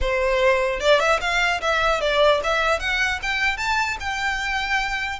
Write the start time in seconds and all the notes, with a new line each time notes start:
0.01 C5
0.80 D5
0.99 E5
1.21 F5
1.61 E5
2.00 D5
2.43 E5
2.79 F#5
3.22 G5
3.57 A5
4.00 G5